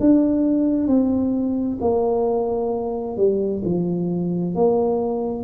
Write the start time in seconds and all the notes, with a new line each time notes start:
0.00 D4
0.87 C4
1.81 A#3
3.17 G3
3.64 F3
4.55 A#3